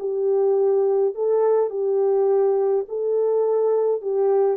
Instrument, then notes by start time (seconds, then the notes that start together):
horn
0.00 G4
1.15 A4
1.70 G4
2.89 A4
4.02 G4